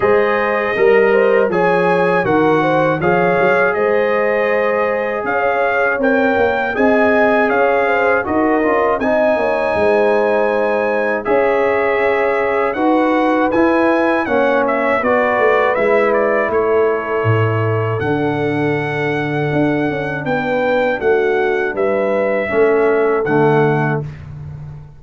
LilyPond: <<
  \new Staff \with { instrumentName = "trumpet" } { \time 4/4 \tempo 4 = 80 dis''2 gis''4 fis''4 | f''4 dis''2 f''4 | g''4 gis''4 f''4 dis''4 | gis''2. e''4~ |
e''4 fis''4 gis''4 fis''8 e''8 | d''4 e''8 d''8 cis''2 | fis''2. g''4 | fis''4 e''2 fis''4 | }
  \new Staff \with { instrumentName = "horn" } { \time 4/4 c''4 ais'8 c''8 cis''4 ais'8 c''8 | cis''4 c''2 cis''4~ | cis''4 dis''4 cis''8 c''8 ais'4 | dis''8 cis''8 c''2 cis''4~ |
cis''4 b'2 cis''4 | b'2 a'2~ | a'2. b'4 | fis'4 b'4 a'2 | }
  \new Staff \with { instrumentName = "trombone" } { \time 4/4 gis'4 ais'4 gis'4 fis'4 | gis'1 | ais'4 gis'2 fis'8 f'8 | dis'2. gis'4~ |
gis'4 fis'4 e'4 cis'4 | fis'4 e'2. | d'1~ | d'2 cis'4 a4 | }
  \new Staff \with { instrumentName = "tuba" } { \time 4/4 gis4 g4 f4 dis4 | f8 fis8 gis2 cis'4 | c'8 ais8 c'4 cis'4 dis'8 cis'8 | c'8 ais8 gis2 cis'4~ |
cis'4 dis'4 e'4 ais4 | b8 a8 gis4 a4 a,4 | d2 d'8 cis'8 b4 | a4 g4 a4 d4 | }
>>